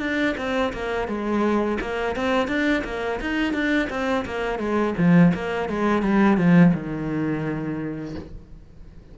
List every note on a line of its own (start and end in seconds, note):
0.00 0.35 D4
0.38 0.73 C4
0.73 1.08 A#3
1.08 1.79 G#3
1.81 2.16 A#3
2.16 2.48 C4
2.48 2.84 D4
2.85 3.20 A#3
3.21 3.54 D#4
3.54 3.89 D4
3.90 4.25 C4
4.26 4.59 A#3
4.59 4.95 G#3
4.98 5.33 F3
5.35 5.70 A#3
5.70 6.03 G#3
6.03 6.38 G3
6.38 6.73 F3
6.74 8.15 D#3